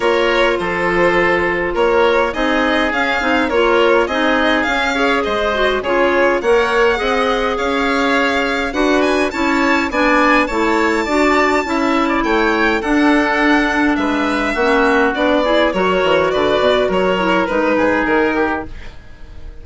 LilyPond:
<<
  \new Staff \with { instrumentName = "violin" } { \time 4/4 \tempo 4 = 103 cis''4 c''2 cis''4 | dis''4 f''4 cis''4 dis''4 | f''4 dis''4 cis''4 fis''4~ | fis''4 f''2 fis''8 gis''8 |
a''4 gis''4 a''2~ | a''4 g''4 fis''2 | e''2 d''4 cis''4 | d''4 cis''4 b'4 ais'4 | }
  \new Staff \with { instrumentName = "oboe" } { \time 4/4 ais'4 a'2 ais'4 | gis'2 ais'4 gis'4~ | gis'8 cis''8 c''4 gis'4 cis''4 | dis''4 cis''2 b'4 |
cis''4 d''4 cis''4 d''4 | e''8. d''16 cis''4 a'2 | b'4 fis'4. gis'8 ais'4 | b'4 ais'4. gis'4 g'8 | }
  \new Staff \with { instrumentName = "clarinet" } { \time 4/4 f'1 | dis'4 cis'8 dis'8 f'4 dis'4 | cis'8 gis'4 fis'8 f'4 ais'4 | gis'2. fis'4 |
e'4 d'4 e'4 fis'4 | e'2 d'2~ | d'4 cis'4 d'8 e'8 fis'4~ | fis'4. e'8 dis'2 | }
  \new Staff \with { instrumentName = "bassoon" } { \time 4/4 ais4 f2 ais4 | c'4 cis'8 c'8 ais4 c'4 | cis'4 gis4 cis4 ais4 | c'4 cis'2 d'4 |
cis'4 b4 a4 d'4 | cis'4 a4 d'2 | gis4 ais4 b4 fis8 e8 | d8 b,8 fis4 gis8 gis,8 dis4 | }
>>